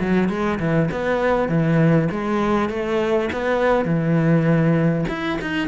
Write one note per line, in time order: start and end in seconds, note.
0.00 0.29 F#3
0.29 0.59 G#3
0.59 0.89 E3
0.91 1.49 B3
1.49 2.09 E3
2.11 2.69 G#3
2.69 3.29 A3
3.32 3.85 B3
3.85 5.05 E3
5.09 5.39 E4
5.41 5.68 D#4